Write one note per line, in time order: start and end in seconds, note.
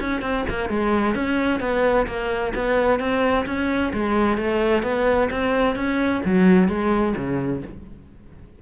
0.00 0.22 C#4
0.22 0.45 C4
0.50 0.69 A#3
0.69 1.15 G#3
1.15 1.60 C#4
1.60 2.06 B3
2.07 2.53 A#3
2.55 3.00 B3
3.00 3.46 C4
3.46 3.93 C#4
3.93 4.38 G#3
4.38 4.83 A3
4.83 5.29 B3
5.31 5.76 C4
5.76 6.22 C#4
6.25 6.68 F#3
6.68 7.15 G#3
7.16 7.62 C#3